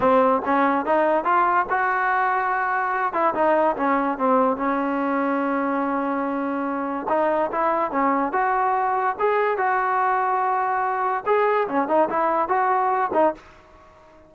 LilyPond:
\new Staff \with { instrumentName = "trombone" } { \time 4/4 \tempo 4 = 144 c'4 cis'4 dis'4 f'4 | fis'2.~ fis'8 e'8 | dis'4 cis'4 c'4 cis'4~ | cis'1~ |
cis'4 dis'4 e'4 cis'4 | fis'2 gis'4 fis'4~ | fis'2. gis'4 | cis'8 dis'8 e'4 fis'4. dis'8 | }